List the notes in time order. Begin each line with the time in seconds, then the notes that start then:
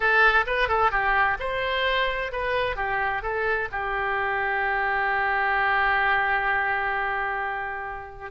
0.00 A4
0.46 B4
0.68 A4
0.91 G4
1.39 C5
2.31 B4
2.76 G4
3.22 A4
3.71 G4